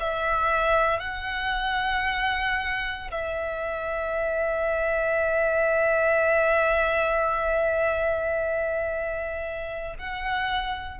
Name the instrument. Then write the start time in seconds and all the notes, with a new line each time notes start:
violin
0.00 E5
1.00 F#5
3.11 E5
9.99 F#5